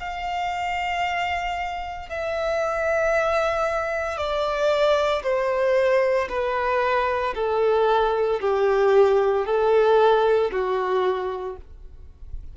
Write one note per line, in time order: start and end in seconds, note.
0.00 2.09 F5
2.09 4.17 E5
4.17 5.22 D5
5.23 6.28 C5
6.29 7.34 B4
7.35 8.40 A4
8.41 9.46 G4
9.46 10.51 A4
10.51 11.56 F#4